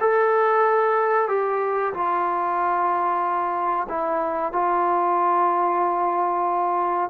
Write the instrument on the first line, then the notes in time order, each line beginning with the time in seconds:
trombone
0.00 A4
1.29 G4
1.94 F4
3.89 E4
4.52 F4